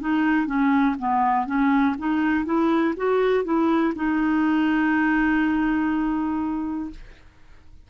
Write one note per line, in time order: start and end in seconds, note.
0.00 0.46 D#4
0.46 0.95 C#4
0.98 1.46 B3
1.46 1.95 C#4
1.98 2.45 D#4
2.45 2.94 E4
2.96 3.44 F#4
3.44 3.93 E4
3.95 6.90 D#4